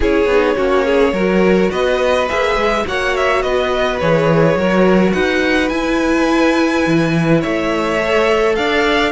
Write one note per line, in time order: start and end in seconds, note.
0.00 0.25 C#4
0.00 0.27 E4
0.00 0.56 G#4
0.00 1.71 C#5
0.25 0.54 B3
0.25 0.56 D#4
0.56 1.12 A#3
0.56 1.14 C#4
0.56 0.85 F#4
0.85 1.13 G#4
1.12 1.69 F#3
1.12 2.28 F#4
1.12 1.70 A#4
1.70 2.28 B3
1.70 2.85 B4
1.70 2.28 D#5
2.28 2.55 A#3
2.28 2.85 G#4
2.28 2.86 E5
2.55 2.84 G#3
2.87 3.43 A#3
2.87 4.01 F#4
2.87 3.43 C#5
2.87 3.16 F#5
3.16 3.42 E5
3.42 4.00 B3
3.42 4.57 B4
3.42 3.99 D#5
3.99 4.55 E3
3.99 4.58 G#4
3.99 5.12 C#5
4.55 5.12 F#3
4.55 5.70 F#4
4.55 5.13 A#4
5.12 5.70 D#4
5.12 7.40 B4
5.12 5.69 F#5
5.69 6.84 E4
5.69 7.98 E4
5.69 7.40 G#5
6.86 7.43 E3
7.40 8.57 A3
7.40 8.55 C#5
7.40 8.55 E5
7.98 9.12 A4
8.55 9.12 D4
8.55 9.12 D5
8.55 9.12 F5